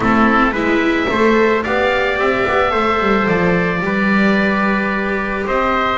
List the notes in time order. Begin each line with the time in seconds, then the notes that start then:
0.00 A3 C4 E4 A4
0.51 G#3 E4 B4 E5
1.09 A3 A4 C5
1.63 B3 G4 D5 F5
2.17 C4 E5
2.47 B3
2.69 A3 A4 C5
3.00 G3
3.27 F3 D5
3.81 G3 G4 B4
5.46 C4 C5 D#5